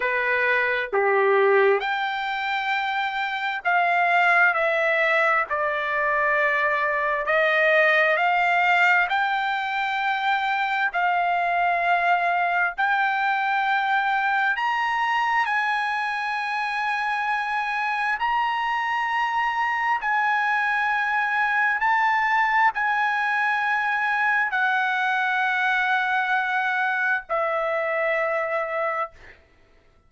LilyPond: \new Staff \with { instrumentName = "trumpet" } { \time 4/4 \tempo 4 = 66 b'4 g'4 g''2 | f''4 e''4 d''2 | dis''4 f''4 g''2 | f''2 g''2 |
ais''4 gis''2. | ais''2 gis''2 | a''4 gis''2 fis''4~ | fis''2 e''2 | }